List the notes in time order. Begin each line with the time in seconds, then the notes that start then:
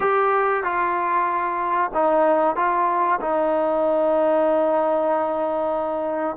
0.00 G4
0.63 F4
1.94 D#4
2.55 F4
3.20 D#4